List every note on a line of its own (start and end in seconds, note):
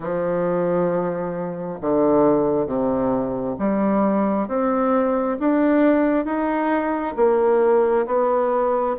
0.00 1.79 F3
1.80 2.66 D3
2.66 3.55 C3
3.59 4.48 G3
4.48 5.37 C4
5.39 6.25 D4
6.25 7.14 D#4
7.16 8.06 A#3
8.06 8.96 B3